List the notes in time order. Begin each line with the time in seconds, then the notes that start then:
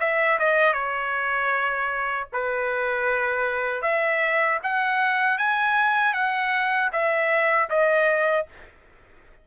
0.00 E5
0.39 D#5
0.73 C#5
2.33 B4
3.82 E5
4.63 F#5
5.38 G#5
6.13 F#5
6.92 E5
7.70 D#5